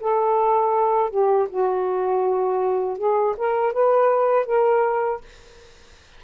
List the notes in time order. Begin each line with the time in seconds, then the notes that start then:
0.00 A4
1.10 G4
1.49 F#4
2.98 G#4
3.37 A#4
3.73 B4
4.46 A#4